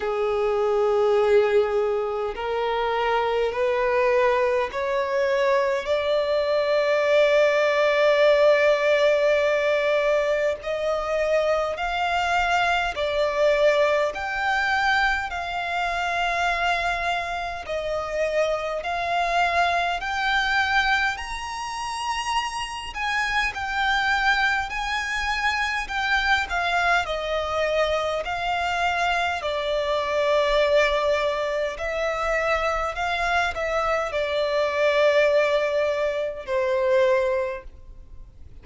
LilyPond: \new Staff \with { instrumentName = "violin" } { \time 4/4 \tempo 4 = 51 gis'2 ais'4 b'4 | cis''4 d''2.~ | d''4 dis''4 f''4 d''4 | g''4 f''2 dis''4 |
f''4 g''4 ais''4. gis''8 | g''4 gis''4 g''8 f''8 dis''4 | f''4 d''2 e''4 | f''8 e''8 d''2 c''4 | }